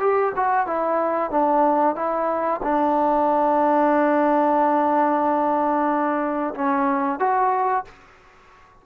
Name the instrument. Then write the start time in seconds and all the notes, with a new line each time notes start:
trombone
0.00 G4
0.36 F#4
0.67 E4
1.30 D4
1.96 E4
2.63 D4
6.55 C#4
7.19 F#4